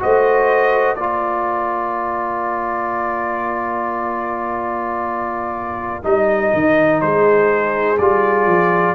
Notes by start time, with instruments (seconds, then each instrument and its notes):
0.00 tuba A3, trombone F#4, horn C5, trumpet D#5
0.96 tuba A#3, trombone F4, horn A#4, trumpet D5
6.03 tuba G3, trombone D#4, trumpet D#5
6.54 tuba D#3
7.01 tuba G#3, horn G#4, trumpet C5
7.99 tuba G3, trombone F4, trumpet D5
8.46 tuba F3